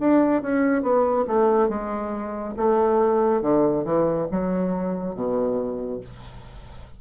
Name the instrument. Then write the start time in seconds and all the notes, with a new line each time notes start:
bassoon
0.00 D4
0.42 C#4
0.83 B3
1.28 A3
1.69 G#3
2.57 A3
3.42 D3
3.85 E3
4.32 F#3
5.15 B2